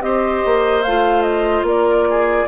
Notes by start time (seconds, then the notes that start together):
0.00 C4 G4 C5 D#5
0.45 A#3
0.82 A3 F4 F5
1.22 D#5
1.62 A#3 A#4 D5
2.09 G#4